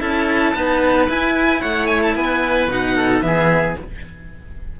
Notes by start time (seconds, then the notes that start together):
0.00 C#4 E4 A4 A5
0.54 B3 D#4 B4
1.09 E4 G#5
1.61 A3 C#5 F#5
1.86 G#5
2.02 A5
2.15 B3 B4 G#5
2.67 B2 D#4 F#5
2.96 A4
3.21 E3 B3 G#4 E5